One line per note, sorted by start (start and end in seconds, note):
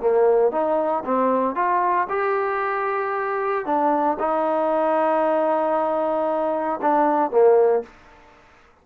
0.00 0.51 A#3
0.51 1.03 D#4
1.05 1.55 C4
1.55 2.07 F4
2.09 3.65 G4
3.65 4.17 D4
4.19 6.80 D#4
6.82 7.30 D4
7.30 7.83 A#3